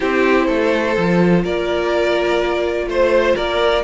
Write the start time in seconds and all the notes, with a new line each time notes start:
0.00 C4 E4 G4 C5
0.46 A3 A4
0.96 F3 F4
1.43 A#3 A#4 D5
2.87 A3 C5
3.35 A#3 A#4 D5